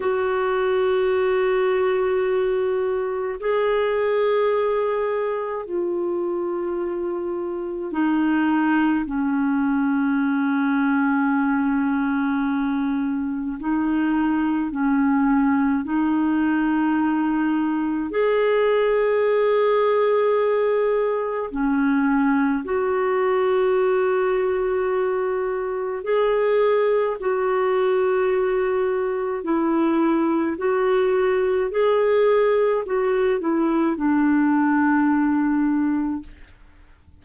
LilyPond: \new Staff \with { instrumentName = "clarinet" } { \time 4/4 \tempo 4 = 53 fis'2. gis'4~ | gis'4 f'2 dis'4 | cis'1 | dis'4 cis'4 dis'2 |
gis'2. cis'4 | fis'2. gis'4 | fis'2 e'4 fis'4 | gis'4 fis'8 e'8 d'2 | }